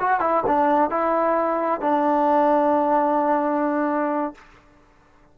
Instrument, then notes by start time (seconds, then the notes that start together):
trombone
0.00 F#4
0.21 E4
0.47 D4
0.90 E4
1.81 D4